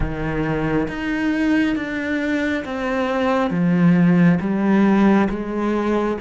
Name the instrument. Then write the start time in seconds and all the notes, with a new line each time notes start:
cello
0.00 D#3
0.87 D#4
1.75 D4
2.64 C4
3.50 F3
4.40 G3
5.29 G#3